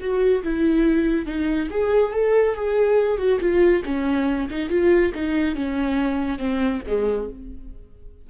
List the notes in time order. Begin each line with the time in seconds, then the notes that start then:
0.00 F#4
0.43 E4
1.26 D#4
1.70 G#4
2.12 A4
2.55 G#4
3.18 F#4
3.40 F4
3.85 C#4
4.50 D#4
4.69 F4
5.14 D#4
5.55 C#4
6.38 C4
6.87 G#3